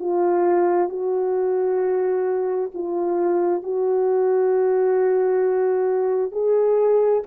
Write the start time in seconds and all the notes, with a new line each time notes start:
0.00 F4
0.89 F#4
2.74 F4
3.63 F#4
6.32 G#4